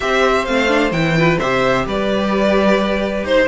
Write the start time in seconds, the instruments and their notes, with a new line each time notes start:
0.00 cello C4, viola G4, violin C5 E5
0.45 cello A3, viola C4, violin F5
0.67 viola D4
0.91 cello E3, viola E4, violin G5
1.16 viola F4, violin B4
1.38 cello C3, viola G4, violin C5 E5
1.86 cello G3, violin B4 D5
3.23 cello D#4, violin C5